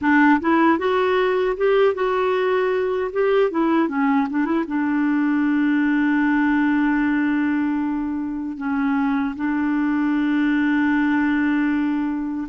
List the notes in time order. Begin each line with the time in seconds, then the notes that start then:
0.01 D4
0.40 E4
0.78 F#4
1.57 G4
1.94 F#4
3.12 G4
3.51 E4
3.88 C#4
4.30 D4
4.45 E4
4.68 D4
8.57 C#4
9.35 D4